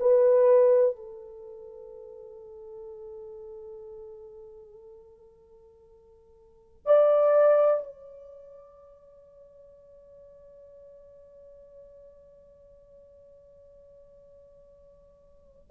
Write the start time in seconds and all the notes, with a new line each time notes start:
0.00 B4
0.96 A4
6.86 D5
7.84 C#5